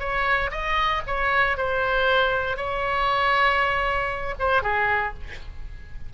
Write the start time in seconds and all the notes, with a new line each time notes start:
0.00 C#5
0.52 D#5
1.07 C#5
1.58 C5
2.57 C#5
4.39 C5
4.63 G#4